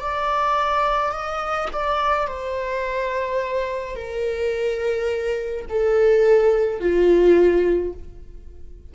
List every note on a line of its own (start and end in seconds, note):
0.00 1.12 D5
1.12 1.68 D#5
1.73 2.27 D5
2.27 3.96 C5
3.96 5.66 A#4
5.69 6.80 A4
6.80 7.93 F4